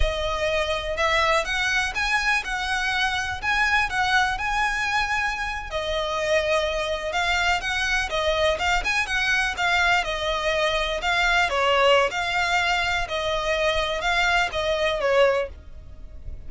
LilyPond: \new Staff \with { instrumentName = "violin" } { \time 4/4 \tempo 4 = 124 dis''2 e''4 fis''4 | gis''4 fis''2 gis''4 | fis''4 gis''2~ gis''8. dis''16~ | dis''2~ dis''8. f''4 fis''16~ |
fis''8. dis''4 f''8 gis''8 fis''4 f''16~ | f''8. dis''2 f''4 cis''16~ | cis''4 f''2 dis''4~ | dis''4 f''4 dis''4 cis''4 | }